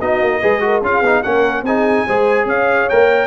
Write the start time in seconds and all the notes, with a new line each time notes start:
0.00 B3 D#4 F#4 D#5
0.21 A#3
0.40 G#3 G#4 B4
0.61 F#4 A#4
0.82 C#4 F4 G#4 F5
1.01 B3 D#4
1.23 A#3 C#4 A#4 F#5
1.62 C4 D#4 G#4 G#5
2.07 G#3 G#4 C5
2.45 C#4 C#5 F5
2.89 A#3 A#4 G5